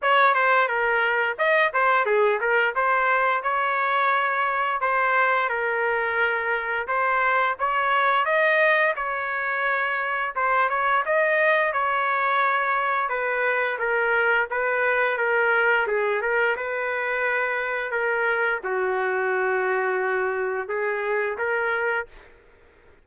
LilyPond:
\new Staff \with { instrumentName = "trumpet" } { \time 4/4 \tempo 4 = 87 cis''8 c''8 ais'4 dis''8 c''8 gis'8 ais'8 | c''4 cis''2 c''4 | ais'2 c''4 cis''4 | dis''4 cis''2 c''8 cis''8 |
dis''4 cis''2 b'4 | ais'4 b'4 ais'4 gis'8 ais'8 | b'2 ais'4 fis'4~ | fis'2 gis'4 ais'4 | }